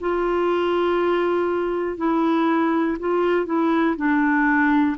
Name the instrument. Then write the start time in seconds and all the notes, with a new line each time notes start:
clarinet
0.00 F4
1.98 E4
3.00 F4
3.46 E4
3.97 D4